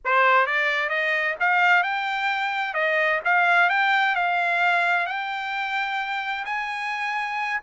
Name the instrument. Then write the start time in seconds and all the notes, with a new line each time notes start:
trumpet
0.04 C5
0.46 D5
0.89 D#5
1.40 F5
1.83 G5
2.74 D#5
3.24 F5
3.69 G5
4.15 F5
5.06 G5
6.45 G#5